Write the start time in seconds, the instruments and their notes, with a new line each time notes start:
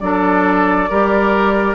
0.00 bassoon F#3, clarinet D4, oboe A4, flute D5
0.90 bassoon G3, clarinet G4, oboe A#4